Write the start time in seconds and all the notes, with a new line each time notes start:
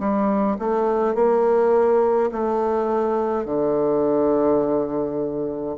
0.00 G3
0.59 A3
1.15 A#3
2.32 A3
3.46 D3